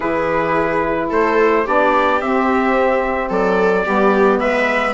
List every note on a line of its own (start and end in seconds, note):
0.00 1.11 E3
0.00 1.63 E4
0.00 1.10 G#4
0.00 1.10 B4
1.10 1.66 A3
1.10 1.64 A4
1.10 1.67 C5
1.64 2.21 B3
1.64 2.20 D4
1.64 3.29 G4
1.64 2.21 D5
2.21 3.30 C4
2.21 3.85 C4
2.21 3.31 E5
3.29 3.85 F#3
3.29 3.84 A4
3.29 4.39 D5
3.85 4.40 G3
3.85 4.94 B3
3.85 4.40 G4
4.39 4.94 G#3
4.39 4.94 B4
4.39 4.94 E5